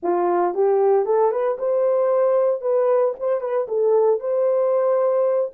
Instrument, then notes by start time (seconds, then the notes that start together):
horn
0.03 F4
0.54 G4
1.05 A4
1.31 B4
1.58 C5
2.61 B4
3.19 C5
3.40 B4
3.68 A4
4.19 C5